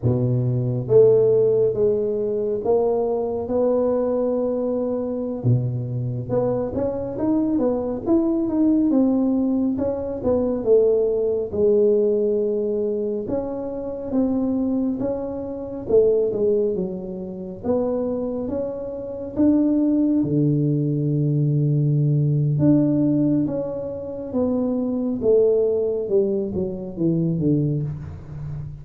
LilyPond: \new Staff \with { instrumentName = "tuba" } { \time 4/4 \tempo 4 = 69 b,4 a4 gis4 ais4 | b2~ b16 b,4 b8 cis'16~ | cis'16 dis'8 b8 e'8 dis'8 c'4 cis'8 b16~ | b16 a4 gis2 cis'8.~ |
cis'16 c'4 cis'4 a8 gis8 fis8.~ | fis16 b4 cis'4 d'4 d8.~ | d2 d'4 cis'4 | b4 a4 g8 fis8 e8 d8 | }